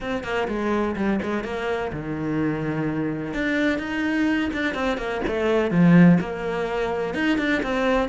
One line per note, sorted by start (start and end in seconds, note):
0.00 0.23 C4
0.23 0.47 A#3
0.48 0.95 G#3
0.95 1.19 G3
1.22 1.44 G#3
1.44 1.91 A#3
1.92 3.33 D#3
3.33 3.79 D4
3.79 4.50 D#4
4.53 4.74 D4
4.74 4.97 C4
4.97 5.21 A#3
5.27 5.70 A3
5.70 6.18 F3
6.20 7.14 A#3
7.14 7.38 D#4
7.38 7.61 D4
7.62 8.08 C4